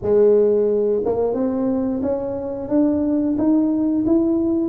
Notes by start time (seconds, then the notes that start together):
0.02 G#3
1.04 A#3
1.34 C4
2.02 C#4
2.68 D4
3.37 D#4
4.05 E4